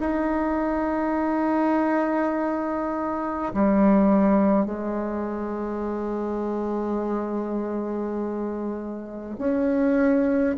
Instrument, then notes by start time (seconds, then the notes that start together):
bassoon
0.00 D#4
3.54 G3
4.66 G#3
9.39 C#4